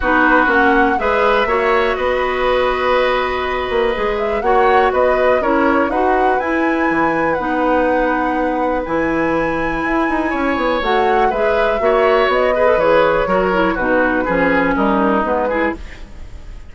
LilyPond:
<<
  \new Staff \with { instrumentName = "flute" } { \time 4/4 \tempo 4 = 122 b'4 fis''4 e''2 | dis''1~ | dis''8 e''8 fis''4 dis''4 cis''4 | fis''4 gis''2 fis''4~ |
fis''2 gis''2~ | gis''2 fis''4 e''4~ | e''4 dis''4 cis''2 | b'2 ais'4 b'4 | }
  \new Staff \with { instrumentName = "oboe" } { \time 4/4 fis'2 b'4 cis''4 | b'1~ | b'4 cis''4 b'4 ais'4 | b'1~ |
b'1~ | b'4 cis''2 b'4 | cis''4. b'4. ais'4 | fis'4 gis'4 dis'4. gis'8 | }
  \new Staff \with { instrumentName = "clarinet" } { \time 4/4 dis'4 cis'4 gis'4 fis'4~ | fis'1 | gis'4 fis'2 e'4 | fis'4 e'2 dis'4~ |
dis'2 e'2~ | e'2 fis'4 gis'4 | fis'4. gis'16 a'16 gis'4 fis'8 e'8 | dis'4 cis'2 b8 e'8 | }
  \new Staff \with { instrumentName = "bassoon" } { \time 4/4 b4 ais4 gis4 ais4 | b2.~ b8 ais8 | gis4 ais4 b4 cis'4 | dis'4 e'4 e4 b4~ |
b2 e2 | e'8 dis'8 cis'8 b8 a4 gis4 | ais4 b4 e4 fis4 | b,4 f4 g4 gis4 | }
>>